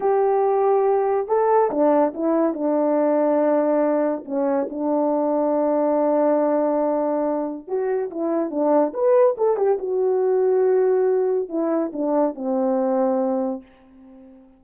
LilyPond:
\new Staff \with { instrumentName = "horn" } { \time 4/4 \tempo 4 = 141 g'2. a'4 | d'4 e'4 d'2~ | d'2 cis'4 d'4~ | d'1~ |
d'2 fis'4 e'4 | d'4 b'4 a'8 g'8 fis'4~ | fis'2. e'4 | d'4 c'2. | }